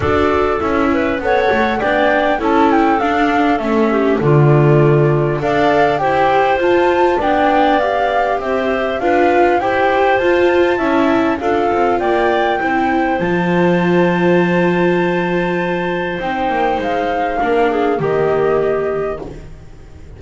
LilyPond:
<<
  \new Staff \with { instrumentName = "flute" } { \time 4/4 \tempo 4 = 100 d''4 e''4 fis''4 g''4 | a''8 g''8 f''4 e''4 d''4~ | d''4 f''4 g''4 a''4 | g''4 f''4 e''4 f''4 |
g''4 a''2 f''4 | g''2 a''2~ | a''2. g''4 | f''2 dis''2 | }
  \new Staff \with { instrumentName = "clarinet" } { \time 4/4 a'4. b'8 cis''4 d''4 | a'2~ a'8 g'8 f'4~ | f'4 d''4 c''2 | d''2 c''4 b'4 |
c''2 e''4 a'4 | d''4 c''2.~ | c''1~ | c''4 ais'8 gis'8 g'2 | }
  \new Staff \with { instrumentName = "viola" } { \time 4/4 fis'4 e'4 a'4 d'4 | e'4 d'4 cis'4 a4~ | a4 a'4 g'4 f'4 | d'4 g'2 f'4 |
g'4 f'4 e'4 f'4~ | f'4 e'4 f'2~ | f'2. dis'4~ | dis'4 d'4 ais2 | }
  \new Staff \with { instrumentName = "double bass" } { \time 4/4 d'4 cis'4 b8 a8 b4 | cis'4 d'4 a4 d4~ | d4 d'4 e'4 f'4 | b2 c'4 d'4 |
e'4 f'4 cis'4 d'8 c'8 | ais4 c'4 f2~ | f2. c'8 ais8 | gis4 ais4 dis2 | }
>>